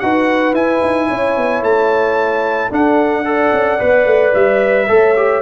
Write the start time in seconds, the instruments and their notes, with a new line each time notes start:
0.00 tuba D#4, trombone F#4, horn B4, trumpet F#5
0.54 tuba E4, trombone E4, trumpet G#5
0.82 tuba D#4
1.08 tuba C#4, horn C#5
1.37 tuba B3
1.62 tuba A3, trumpet A5
2.70 trombone D4, tuba D4, horn A4, trumpet F#5
3.25 trombone A4, horn D5
3.53 tuba C#4
3.80 tuba B3, trombone B4
4.05 tuba A3
4.34 tuba G3, trumpet E5
4.88 tuba A3, trombone A4, horn C#5
5.16 trombone G4